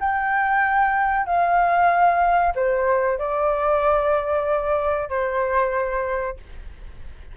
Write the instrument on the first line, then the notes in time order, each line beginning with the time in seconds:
flute
0.00 G5
1.26 F5
2.55 C5
3.18 D5
5.09 C5